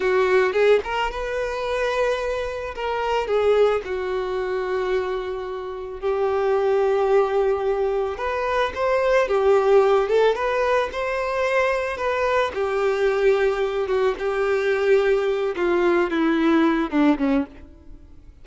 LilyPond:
\new Staff \with { instrumentName = "violin" } { \time 4/4 \tempo 4 = 110 fis'4 gis'8 ais'8 b'2~ | b'4 ais'4 gis'4 fis'4~ | fis'2. g'4~ | g'2. b'4 |
c''4 g'4. a'8 b'4 | c''2 b'4 g'4~ | g'4. fis'8 g'2~ | g'8 f'4 e'4. d'8 cis'8 | }